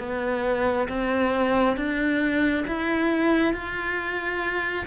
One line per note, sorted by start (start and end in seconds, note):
0.00 0.88 B3
0.89 1.77 C4
1.77 2.65 D4
2.67 3.54 E4
3.54 4.86 F4